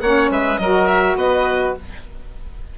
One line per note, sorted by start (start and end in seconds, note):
0.00 0.29 A#3
0.00 0.60 C#4
0.00 0.31 C#5
0.00 0.29 F#5
0.29 0.58 G#3
0.29 0.60 B4
0.29 0.58 E5
0.58 1.15 F#3
0.58 1.78 F#4
0.58 1.17 A#4
0.58 0.86 D#5
0.86 1.15 E5
1.15 1.73 B3
1.15 1.75 B4
1.15 1.75 D#5